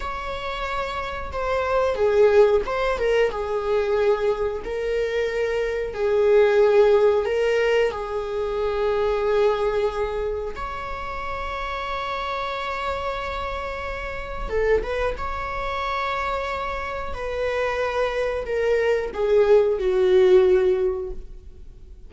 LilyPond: \new Staff \with { instrumentName = "viola" } { \time 4/4 \tempo 4 = 91 cis''2 c''4 gis'4 | c''8 ais'8 gis'2 ais'4~ | ais'4 gis'2 ais'4 | gis'1 |
cis''1~ | cis''2 a'8 b'8 cis''4~ | cis''2 b'2 | ais'4 gis'4 fis'2 | }